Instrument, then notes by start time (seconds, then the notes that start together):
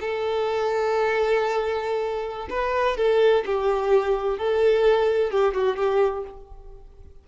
violin
0.00 A4
2.50 B4
2.97 A4
3.46 G4
4.38 A4
5.31 G4
5.54 F#4
5.76 G4